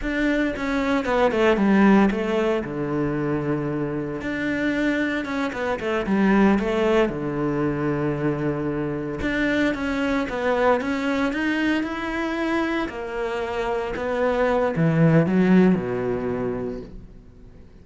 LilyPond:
\new Staff \with { instrumentName = "cello" } { \time 4/4 \tempo 4 = 114 d'4 cis'4 b8 a8 g4 | a4 d2. | d'2 cis'8 b8 a8 g8~ | g8 a4 d2~ d8~ |
d4. d'4 cis'4 b8~ | b8 cis'4 dis'4 e'4.~ | e'8 ais2 b4. | e4 fis4 b,2 | }